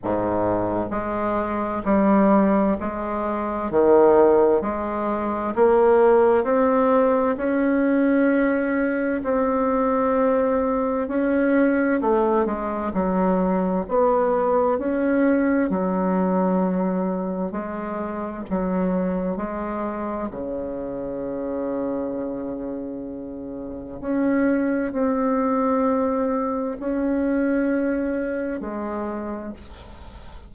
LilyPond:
\new Staff \with { instrumentName = "bassoon" } { \time 4/4 \tempo 4 = 65 gis,4 gis4 g4 gis4 | dis4 gis4 ais4 c'4 | cis'2 c'2 | cis'4 a8 gis8 fis4 b4 |
cis'4 fis2 gis4 | fis4 gis4 cis2~ | cis2 cis'4 c'4~ | c'4 cis'2 gis4 | }